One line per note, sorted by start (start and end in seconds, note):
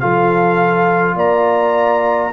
0.00 1.15 F3
0.00 2.31 F4
0.00 1.16 A4
0.00 1.15 F5
1.15 2.31 A#3
1.15 2.31 D5
1.15 2.33 A#5